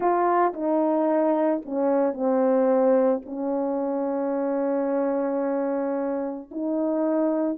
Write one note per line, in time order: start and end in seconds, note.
0.00 0.53 F4
0.53 1.61 D#4
1.65 2.13 C#4
2.13 3.21 C4
3.25 6.49 C#4
6.51 7.58 D#4